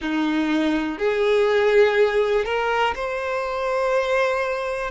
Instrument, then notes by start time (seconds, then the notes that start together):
violin
0.01 D#4
0.98 G#4
2.45 A#4
2.95 C5